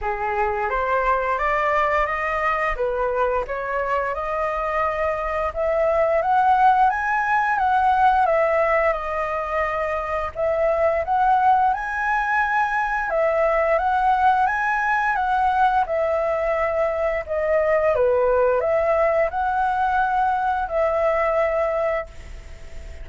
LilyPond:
\new Staff \with { instrumentName = "flute" } { \time 4/4 \tempo 4 = 87 gis'4 c''4 d''4 dis''4 | b'4 cis''4 dis''2 | e''4 fis''4 gis''4 fis''4 | e''4 dis''2 e''4 |
fis''4 gis''2 e''4 | fis''4 gis''4 fis''4 e''4~ | e''4 dis''4 b'4 e''4 | fis''2 e''2 | }